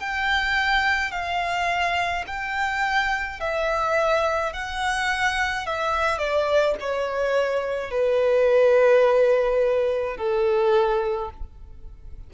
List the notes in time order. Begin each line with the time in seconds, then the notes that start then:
0.00 G5
1.11 F5
2.27 G5
3.40 E5
4.53 F#5
5.66 E5
6.19 D5
6.80 C#5
7.90 B4
10.17 A4